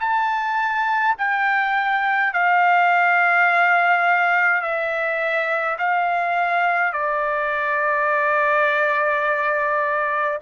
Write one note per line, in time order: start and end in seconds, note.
0.00 1.15 A5
1.18 2.33 G5
2.33 4.62 F5
4.62 5.77 E5
5.78 6.92 F5
6.92 10.38 D5